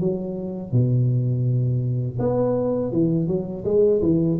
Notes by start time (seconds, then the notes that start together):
0.00 F#3
0.72 B2
2.19 B3
2.92 E3
3.27 F#3
3.65 G#3
4.02 E3